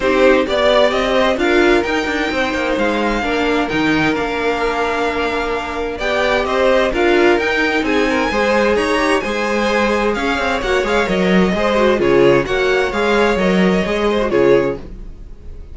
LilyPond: <<
  \new Staff \with { instrumentName = "violin" } { \time 4/4 \tempo 4 = 130 c''4 d''4 dis''4 f''4 | g''2 f''2 | g''4 f''2.~ | f''4 g''4 dis''4 f''4 |
g''4 gis''2 ais''4 | gis''2 f''4 fis''8 f''8 | dis''2 cis''4 fis''4 | f''4 dis''2 cis''4 | }
  \new Staff \with { instrumentName = "violin" } { \time 4/4 g'4 d''4. c''8 ais'4~ | ais'4 c''2 ais'4~ | ais'1~ | ais'4 d''4 c''4 ais'4~ |
ais'4 gis'8 ais'8 c''4 cis''4 | c''2 cis''2~ | cis''4 c''4 gis'4 cis''4~ | cis''2~ cis''8 c''8 gis'4 | }
  \new Staff \with { instrumentName = "viola" } { \time 4/4 dis'4 g'2 f'4 | dis'2. d'4 | dis'4 d'2.~ | d'4 g'2 f'4 |
dis'2 gis'4. g'8 | gis'2. fis'8 gis'8 | ais'4 gis'8 fis'8 f'4 fis'4 | gis'4 ais'4 gis'8. fis'16 f'4 | }
  \new Staff \with { instrumentName = "cello" } { \time 4/4 c'4 b4 c'4 d'4 | dis'8 d'8 c'8 ais8 gis4 ais4 | dis4 ais2.~ | ais4 b4 c'4 d'4 |
dis'4 c'4 gis4 dis'4 | gis2 cis'8 c'8 ais8 gis8 | fis4 gis4 cis4 ais4 | gis4 fis4 gis4 cis4 | }
>>